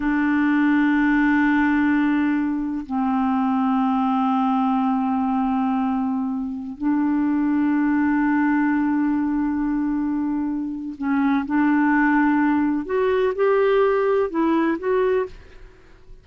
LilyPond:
\new Staff \with { instrumentName = "clarinet" } { \time 4/4 \tempo 4 = 126 d'1~ | d'2 c'2~ | c'1~ | c'2~ c'16 d'4.~ d'16~ |
d'1~ | d'2. cis'4 | d'2. fis'4 | g'2 e'4 fis'4 | }